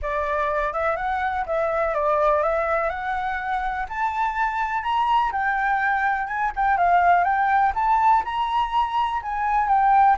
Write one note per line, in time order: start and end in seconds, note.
0.02 0.73 D5
0.73 0.96 E5
0.96 1.45 F#5
1.46 1.94 E5
1.94 2.42 D5
2.42 2.89 E5
2.89 3.86 F#5
3.88 4.83 A5
4.83 5.31 A#5
5.32 6.27 G5
6.27 6.51 G#5
6.55 6.77 G5
6.77 7.23 F5
7.23 7.72 G5
7.74 8.23 A5
8.24 9.21 A#5
9.22 9.68 G#5
9.68 10.16 G5